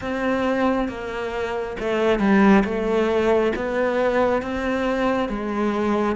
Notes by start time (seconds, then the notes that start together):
0.01 C4
0.88 A#3
1.79 A3
2.19 G3
2.64 A3
3.55 B3
4.42 C4
5.29 G#3